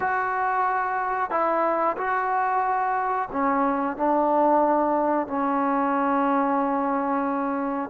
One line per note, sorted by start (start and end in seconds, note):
0.00 1.30 F#4
1.30 1.96 E4
1.97 3.28 F#4
3.31 3.97 C#4
3.97 5.27 D4
5.27 7.89 C#4